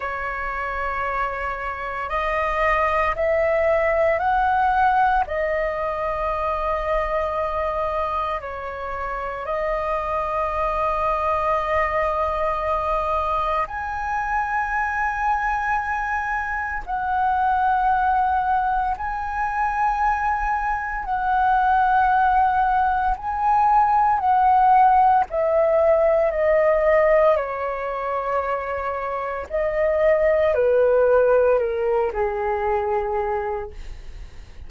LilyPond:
\new Staff \with { instrumentName = "flute" } { \time 4/4 \tempo 4 = 57 cis''2 dis''4 e''4 | fis''4 dis''2. | cis''4 dis''2.~ | dis''4 gis''2. |
fis''2 gis''2 | fis''2 gis''4 fis''4 | e''4 dis''4 cis''2 | dis''4 b'4 ais'8 gis'4. | }